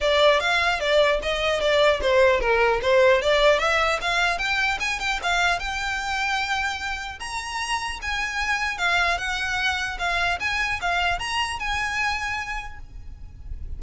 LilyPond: \new Staff \with { instrumentName = "violin" } { \time 4/4 \tempo 4 = 150 d''4 f''4 d''4 dis''4 | d''4 c''4 ais'4 c''4 | d''4 e''4 f''4 g''4 | gis''8 g''8 f''4 g''2~ |
g''2 ais''2 | gis''2 f''4 fis''4~ | fis''4 f''4 gis''4 f''4 | ais''4 gis''2. | }